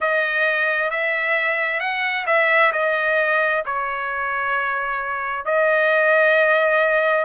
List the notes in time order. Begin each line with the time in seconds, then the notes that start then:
0.00 D#5
0.90 E5
1.79 F#5
2.26 E5
2.72 D#5
3.65 C#5
5.45 D#5